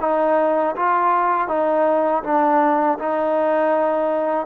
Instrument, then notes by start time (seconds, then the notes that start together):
trombone
0.00 D#4
0.75 F4
1.48 D#4
2.23 D4
2.99 D#4